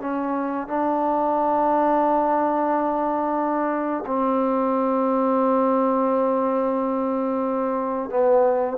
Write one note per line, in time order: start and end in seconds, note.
0.00 0.67 C#4
0.67 4.04 D4
4.06 8.10 C4
8.10 8.77 B3